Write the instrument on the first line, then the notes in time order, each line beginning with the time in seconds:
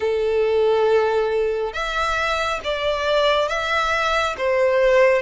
violin
0.00 A4
1.73 E5
2.64 D5
3.48 E5
4.37 C5